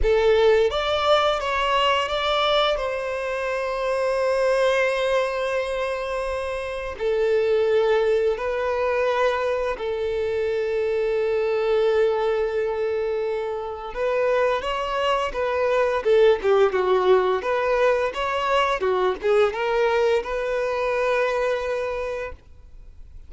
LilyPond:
\new Staff \with { instrumentName = "violin" } { \time 4/4 \tempo 4 = 86 a'4 d''4 cis''4 d''4 | c''1~ | c''2 a'2 | b'2 a'2~ |
a'1 | b'4 cis''4 b'4 a'8 g'8 | fis'4 b'4 cis''4 fis'8 gis'8 | ais'4 b'2. | }